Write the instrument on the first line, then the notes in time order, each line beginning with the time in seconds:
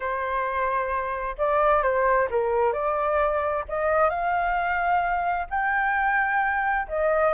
flute
0.00 C5
1.38 D5
1.82 C5
2.30 A#4
2.73 D5
3.68 D#5
4.09 F5
5.50 G5
6.87 D#5